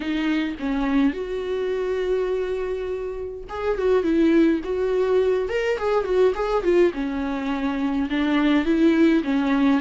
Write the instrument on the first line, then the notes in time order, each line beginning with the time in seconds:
viola
0.00 D#4
0.59 C#4
1.13 F#4
3.49 G#4
3.78 F#4
4.03 E4
4.64 F#4
5.49 A#4
5.78 G#4
6.04 F#4
6.34 G#4
6.63 F4
6.93 C#4
8.10 D4
8.65 E4
9.23 C#4